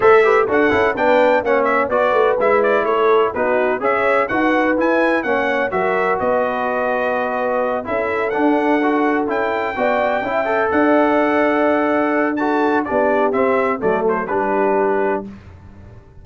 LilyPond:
<<
  \new Staff \with { instrumentName = "trumpet" } { \time 4/4 \tempo 4 = 126 e''4 fis''4 g''4 fis''8 e''8 | d''4 e''8 d''8 cis''4 b'4 | e''4 fis''4 gis''4 fis''4 | e''4 dis''2.~ |
dis''8 e''4 fis''2 g''8~ | g''2~ g''8 fis''4.~ | fis''2 a''4 d''4 | e''4 d''8 c''8 b'2 | }
  \new Staff \with { instrumentName = "horn" } { \time 4/4 c''8 b'8 a'4 b'4 cis''4 | b'2 a'4 fis'4 | cis''4 b'2 cis''4 | ais'4 b'2.~ |
b'8 a'2.~ a'8~ | a'8 d''4 e''4 d''4.~ | d''2 a'4 g'4~ | g'4 a'4 g'2 | }
  \new Staff \with { instrumentName = "trombone" } { \time 4/4 a'8 g'8 fis'8 e'8 d'4 cis'4 | fis'4 e'2 dis'4 | gis'4 fis'4 e'4 cis'4 | fis'1~ |
fis'8 e'4 d'4 fis'4 e'8~ | e'8 fis'4 e'8 a'2~ | a'2 fis'4 d'4 | c'4 a4 d'2 | }
  \new Staff \with { instrumentName = "tuba" } { \time 4/4 a4 d'8 cis'8 b4 ais4 | b8 a8 gis4 a4 b4 | cis'4 dis'4 e'4 ais4 | fis4 b2.~ |
b8 cis'4 d'2 cis'8~ | cis'8 b4 cis'4 d'4.~ | d'2. b4 | c'4 fis4 g2 | }
>>